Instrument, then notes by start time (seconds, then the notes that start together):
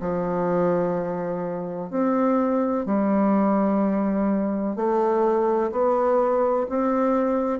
bassoon
0.00 F3
1.90 C4
2.85 G3
4.76 A3
5.71 B3
6.69 C4